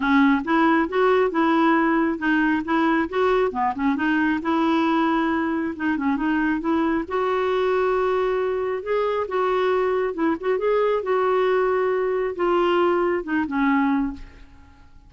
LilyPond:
\new Staff \with { instrumentName = "clarinet" } { \time 4/4 \tempo 4 = 136 cis'4 e'4 fis'4 e'4~ | e'4 dis'4 e'4 fis'4 | b8 cis'8 dis'4 e'2~ | e'4 dis'8 cis'8 dis'4 e'4 |
fis'1 | gis'4 fis'2 e'8 fis'8 | gis'4 fis'2. | f'2 dis'8 cis'4. | }